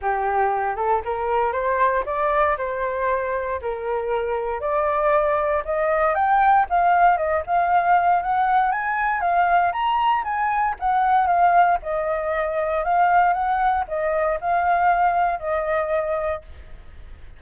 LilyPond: \new Staff \with { instrumentName = "flute" } { \time 4/4 \tempo 4 = 117 g'4. a'8 ais'4 c''4 | d''4 c''2 ais'4~ | ais'4 d''2 dis''4 | g''4 f''4 dis''8 f''4. |
fis''4 gis''4 f''4 ais''4 | gis''4 fis''4 f''4 dis''4~ | dis''4 f''4 fis''4 dis''4 | f''2 dis''2 | }